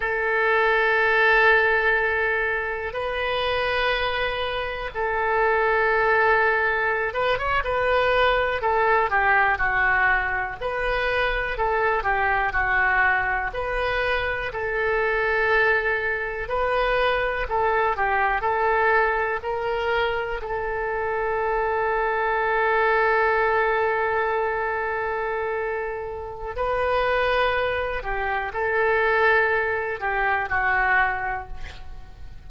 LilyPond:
\new Staff \with { instrumentName = "oboe" } { \time 4/4 \tempo 4 = 61 a'2. b'4~ | b'4 a'2~ a'16 b'16 cis''16 b'16~ | b'8. a'8 g'8 fis'4 b'4 a'16~ | a'16 g'8 fis'4 b'4 a'4~ a'16~ |
a'8. b'4 a'8 g'8 a'4 ais'16~ | ais'8. a'2.~ a'16~ | a'2. b'4~ | b'8 g'8 a'4. g'8 fis'4 | }